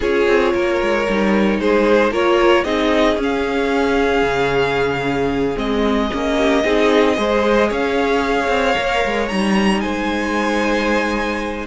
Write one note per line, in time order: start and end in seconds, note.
0.00 0.27 C#4
0.00 1.07 F4
0.00 0.52 G#4
0.00 1.60 C#5
0.27 0.54 C4
0.53 0.81 A#3
0.53 1.60 A#4
0.81 1.08 G#3
1.09 1.58 G3
1.09 2.12 D#4
1.58 2.11 G#3
1.58 2.11 G#4
1.58 2.13 C5
2.11 2.64 A#3
2.11 2.64 F4
2.11 2.64 A#4
2.11 2.64 C#5
2.64 3.16 C4
2.64 3.17 D#4
2.64 6.36 G#4
2.64 3.17 D#5
3.16 4.22 C#4
3.16 5.55 C#4
3.23 5.57 F5
4.22 5.55 C#3
5.55 6.10 G#3
5.55 6.08 C4
5.55 7.70 D#5
6.12 6.64 A#3
6.12 6.63 C#4
6.37 6.63 G4
6.63 7.17 C4
6.63 7.16 D#4
6.63 7.16 G#4
7.16 7.70 G#3
7.16 8.75 G#4
7.16 7.69 C5
7.69 8.48 C#4
7.69 9.81 C#5
7.69 9.27 F5
8.48 8.74 C4
8.75 9.04 A#3
8.75 9.28 A#4
9.05 9.31 G#3
9.27 9.83 G3
9.27 11.66 D#4
9.27 9.80 A#5
9.80 11.66 G#3
9.80 11.66 C5
9.80 11.66 G#5